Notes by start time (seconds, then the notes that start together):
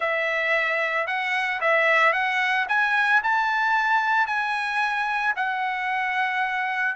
0.00 E5
1.07 F#5
1.60 E5
2.12 F#5
2.68 G#5
3.23 A5
4.26 G#5
5.35 F#5